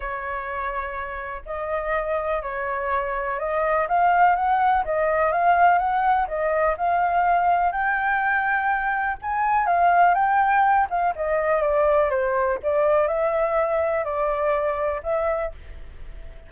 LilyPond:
\new Staff \with { instrumentName = "flute" } { \time 4/4 \tempo 4 = 124 cis''2. dis''4~ | dis''4 cis''2 dis''4 | f''4 fis''4 dis''4 f''4 | fis''4 dis''4 f''2 |
g''2. gis''4 | f''4 g''4. f''8 dis''4 | d''4 c''4 d''4 e''4~ | e''4 d''2 e''4 | }